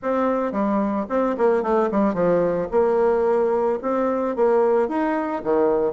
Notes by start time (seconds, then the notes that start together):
0.02 C4
0.52 G3
1.09 C4
1.37 A#3
1.62 A3
1.91 G3
2.14 F3
2.71 A#3
3.82 C4
4.36 A#3
4.88 D#4
5.43 D#3